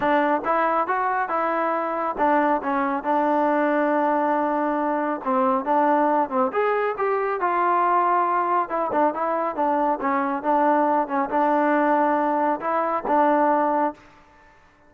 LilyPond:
\new Staff \with { instrumentName = "trombone" } { \time 4/4 \tempo 4 = 138 d'4 e'4 fis'4 e'4~ | e'4 d'4 cis'4 d'4~ | d'1 | c'4 d'4. c'8 gis'4 |
g'4 f'2. | e'8 d'8 e'4 d'4 cis'4 | d'4. cis'8 d'2~ | d'4 e'4 d'2 | }